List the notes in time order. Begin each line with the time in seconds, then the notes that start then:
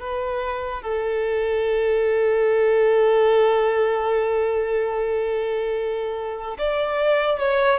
0.00 B4
0.82 A4
6.58 D5
7.39 C#5